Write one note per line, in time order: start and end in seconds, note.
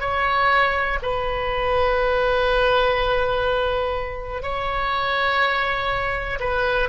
0.00 0.98 C#5
1.02 4.42 B4
4.42 6.39 C#5
6.40 6.89 B4